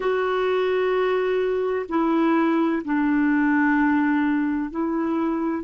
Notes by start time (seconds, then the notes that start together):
0.00 F#4
1.88 E4
2.84 D4
4.70 E4